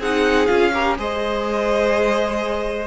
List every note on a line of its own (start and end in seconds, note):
0.00 0.48 C4
0.00 0.48 D#4
0.00 0.72 G#4
0.00 0.47 F#5
0.47 0.98 C#4
0.47 0.72 F4
0.47 0.95 F5
0.74 0.98 G4
0.74 0.98 A#4
0.98 2.87 G#3
0.98 2.87 G#4
0.98 2.87 C5
0.98 2.87 D#5